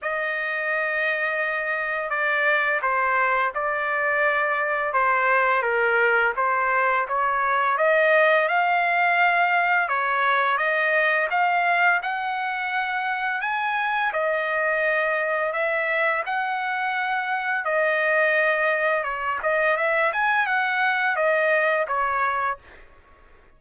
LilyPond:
\new Staff \with { instrumentName = "trumpet" } { \time 4/4 \tempo 4 = 85 dis''2. d''4 | c''4 d''2 c''4 | ais'4 c''4 cis''4 dis''4 | f''2 cis''4 dis''4 |
f''4 fis''2 gis''4 | dis''2 e''4 fis''4~ | fis''4 dis''2 cis''8 dis''8 | e''8 gis''8 fis''4 dis''4 cis''4 | }